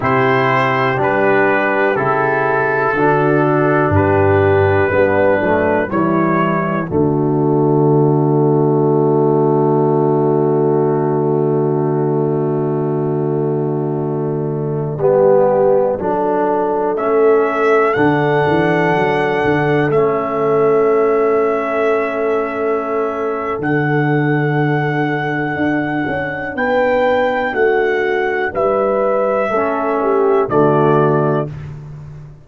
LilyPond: <<
  \new Staff \with { instrumentName = "trumpet" } { \time 4/4 \tempo 4 = 61 c''4 b'4 a'2 | b'2 cis''4 d''4~ | d''1~ | d''1~ |
d''4~ d''16 e''4 fis''4.~ fis''16~ | fis''16 e''2.~ e''8. | fis''2. g''4 | fis''4 e''2 d''4 | }
  \new Staff \with { instrumentName = "horn" } { \time 4/4 g'2. fis'4 | g'4 d'4 e'4 fis'4~ | fis'1~ | fis'2.~ fis'16 g'8.~ |
g'16 a'2.~ a'8.~ | a'1~ | a'2. b'4 | fis'4 b'4 a'8 g'8 fis'4 | }
  \new Staff \with { instrumentName = "trombone" } { \time 4/4 e'4 d'4 e'4 d'4~ | d'4 b8 a8 g4 a4~ | a1~ | a2.~ a16 b8.~ |
b16 d'4 cis'4 d'4.~ d'16~ | d'16 cis'2.~ cis'8. | d'1~ | d'2 cis'4 a4 | }
  \new Staff \with { instrumentName = "tuba" } { \time 4/4 c4 g4 cis4 d4 | g,4 g8 fis8 e4 d4~ | d1~ | d2.~ d16 g8.~ |
g16 fis4 a4 d8 e8 fis8 d16~ | d16 a2.~ a8. | d2 d'8 cis'8 b4 | a4 g4 a4 d4 | }
>>